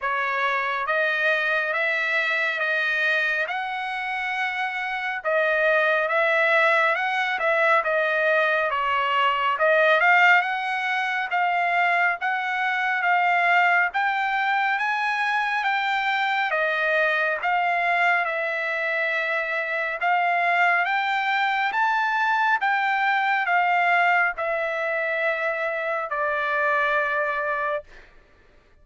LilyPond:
\new Staff \with { instrumentName = "trumpet" } { \time 4/4 \tempo 4 = 69 cis''4 dis''4 e''4 dis''4 | fis''2 dis''4 e''4 | fis''8 e''8 dis''4 cis''4 dis''8 f''8 | fis''4 f''4 fis''4 f''4 |
g''4 gis''4 g''4 dis''4 | f''4 e''2 f''4 | g''4 a''4 g''4 f''4 | e''2 d''2 | }